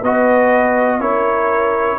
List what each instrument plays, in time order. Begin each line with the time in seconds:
0.00 tuba B3, trombone F#4, horn B4, trumpet D#5
0.99 tuba C#4, trombone E4, horn A#4, trumpet C#5